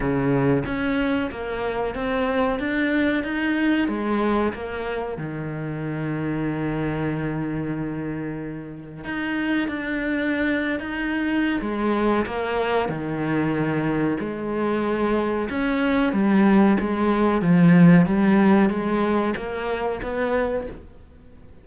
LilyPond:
\new Staff \with { instrumentName = "cello" } { \time 4/4 \tempo 4 = 93 cis4 cis'4 ais4 c'4 | d'4 dis'4 gis4 ais4 | dis1~ | dis2 dis'4 d'4~ |
d'8. dis'4~ dis'16 gis4 ais4 | dis2 gis2 | cis'4 g4 gis4 f4 | g4 gis4 ais4 b4 | }